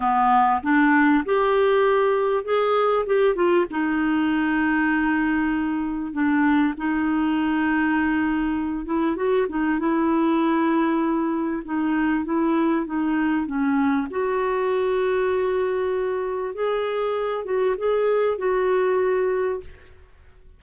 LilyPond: \new Staff \with { instrumentName = "clarinet" } { \time 4/4 \tempo 4 = 98 b4 d'4 g'2 | gis'4 g'8 f'8 dis'2~ | dis'2 d'4 dis'4~ | dis'2~ dis'8 e'8 fis'8 dis'8 |
e'2. dis'4 | e'4 dis'4 cis'4 fis'4~ | fis'2. gis'4~ | gis'8 fis'8 gis'4 fis'2 | }